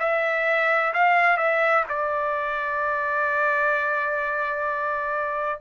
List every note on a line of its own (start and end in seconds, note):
0.00 0.94 E5
0.94 1.38 F5
1.38 1.85 E5
1.89 5.61 D5